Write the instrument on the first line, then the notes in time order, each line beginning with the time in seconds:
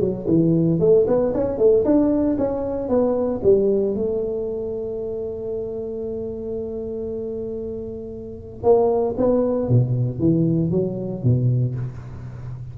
tuba
0.00 F#3
0.28 E3
0.80 A3
1.07 B3
1.34 C#4
1.58 A3
1.85 D4
2.38 C#4
2.89 B3
3.43 G3
3.95 A3
8.63 A#3
9.17 B3
9.69 B2
10.19 E3
10.71 F#3
11.23 B2